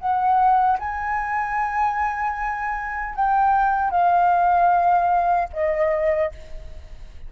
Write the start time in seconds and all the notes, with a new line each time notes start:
0.00 F#5
0.79 G#5
3.15 G5
3.91 F5
5.53 D#5